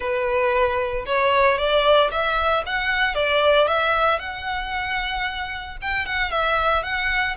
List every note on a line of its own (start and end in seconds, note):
0.00 1.05 B4
1.06 1.58 C#5
1.58 2.10 D5
2.11 2.63 E5
2.66 3.14 F#5
3.14 3.67 D5
3.67 4.19 E5
4.19 5.77 F#5
5.81 6.06 G5
6.06 6.30 F#5
6.30 6.83 E5
6.83 7.35 F#5